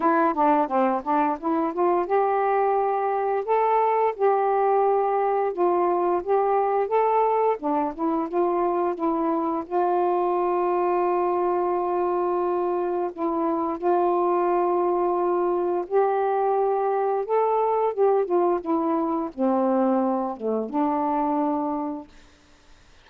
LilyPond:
\new Staff \with { instrumentName = "saxophone" } { \time 4/4 \tempo 4 = 87 e'8 d'8 c'8 d'8 e'8 f'8 g'4~ | g'4 a'4 g'2 | f'4 g'4 a'4 d'8 e'8 | f'4 e'4 f'2~ |
f'2. e'4 | f'2. g'4~ | g'4 a'4 g'8 f'8 e'4 | c'4. a8 d'2 | }